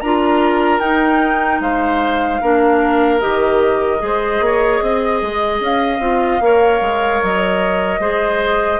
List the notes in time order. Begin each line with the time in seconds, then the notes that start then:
0.00 D4 F4 A#4 A#5
0.80 D#4 G5
1.60 G#3 C5 F5
2.41 A#3 D4 A#4
3.20 D#3 G4 D#5
3.98 G#3 G#4
4.05 C5
4.40 A#3 C#5
4.82 C4 D#5
5.22 G#3
5.60 C#4 F5
5.99 C4 F4
6.40 A#3 A#4 C#5
6.81 G#3
7.23 F#3 D#5
7.99 G#3 G#4 C5